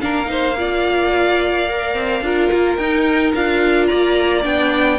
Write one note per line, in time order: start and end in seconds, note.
0.00 1.94 A#3
0.00 0.26 D4
0.00 0.30 A#4
0.00 2.76 F5
0.26 0.53 D#4
0.26 0.58 C5
0.58 1.68 F4
0.58 2.25 D5
1.68 2.23 A#4
1.94 2.21 C4
2.21 2.49 D4
2.21 2.79 F4
2.21 3.89 A#4
2.52 2.77 A#3
2.76 3.33 D#4
2.76 3.35 D#4
2.76 3.32 G5
3.35 3.90 D4
3.35 4.43 F4
3.35 3.87 F5
3.87 4.45 A#3
3.87 4.99 D5
3.87 4.42 A#5
4.43 4.99 B3
4.43 4.98 D4
4.43 4.99 G5